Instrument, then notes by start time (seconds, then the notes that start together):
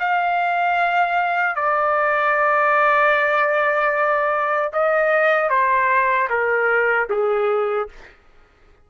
trumpet
0.00 F5
1.56 D5
4.73 D#5
5.50 C5
6.30 A#4
7.10 G#4